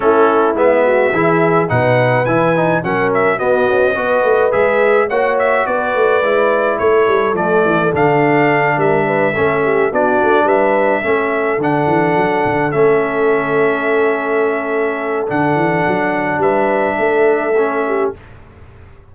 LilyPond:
<<
  \new Staff \with { instrumentName = "trumpet" } { \time 4/4 \tempo 4 = 106 a'4 e''2 fis''4 | gis''4 fis''8 e''8 dis''2 | e''4 fis''8 e''8 d''2 | cis''4 d''4 f''4. e''8~ |
e''4. d''4 e''4.~ | e''8 fis''2 e''4.~ | e''2. fis''4~ | fis''4 e''2. | }
  \new Staff \with { instrumentName = "horn" } { \time 4/4 e'4. fis'8 gis'4 b'4~ | b'4 ais'4 fis'4 b'4~ | b'4 cis''4 b'2 | a'2.~ a'8 ais'8 |
b'8 a'8 g'8 fis'4 b'4 a'8~ | a'1~ | a'1~ | a'4 b'4 a'4. g'8 | }
  \new Staff \with { instrumentName = "trombone" } { \time 4/4 cis'4 b4 e'4 dis'4 | e'8 dis'8 cis'4 b4 fis'4 | gis'4 fis'2 e'4~ | e'4 a4 d'2~ |
d'8 cis'4 d'2 cis'8~ | cis'8 d'2 cis'4.~ | cis'2. d'4~ | d'2. cis'4 | }
  \new Staff \with { instrumentName = "tuba" } { \time 4/4 a4 gis4 e4 b,4 | e4 fis4 b8 cis'8 b8 a8 | gis4 ais4 b8 a8 gis4 | a8 g8 f8 e8 d4. g8~ |
g8 a4 b8 a8 g4 a8~ | a8 d8 e8 fis8 d8 a4.~ | a2. d8 e8 | fis4 g4 a2 | }
>>